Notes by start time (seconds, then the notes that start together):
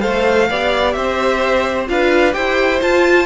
0.00 A3 A4 C5 F5
0.49 B3 G4 D5
0.92 C4 C5 E5
1.87 D4 F4 B4 F5
2.32 E4 G4 C5 G5
2.82 F4 A5